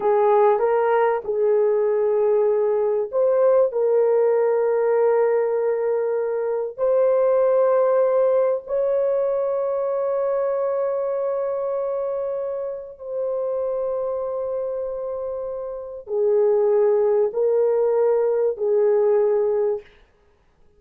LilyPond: \new Staff \with { instrumentName = "horn" } { \time 4/4 \tempo 4 = 97 gis'4 ais'4 gis'2~ | gis'4 c''4 ais'2~ | ais'2. c''4~ | c''2 cis''2~ |
cis''1~ | cis''4 c''2.~ | c''2 gis'2 | ais'2 gis'2 | }